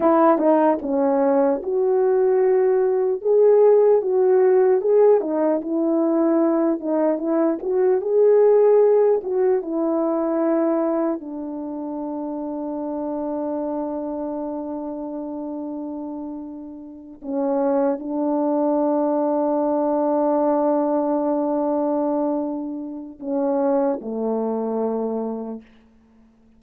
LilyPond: \new Staff \with { instrumentName = "horn" } { \time 4/4 \tempo 4 = 75 e'8 dis'8 cis'4 fis'2 | gis'4 fis'4 gis'8 dis'8 e'4~ | e'8 dis'8 e'8 fis'8 gis'4. fis'8 | e'2 d'2~ |
d'1~ | d'4. cis'4 d'4.~ | d'1~ | d'4 cis'4 a2 | }